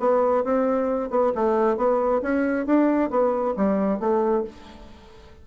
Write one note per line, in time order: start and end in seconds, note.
0.00 0.44 B3
0.44 1.11 C4
1.11 1.33 B3
1.35 1.77 A3
1.77 2.22 B3
2.22 2.66 C#4
2.66 3.11 D4
3.11 3.55 B3
3.57 4.00 G3
4.00 4.44 A3